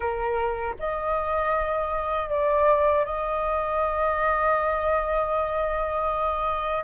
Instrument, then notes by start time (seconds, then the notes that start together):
flute
0.00 A#4
0.79 D#5
2.29 D5
3.05 D#5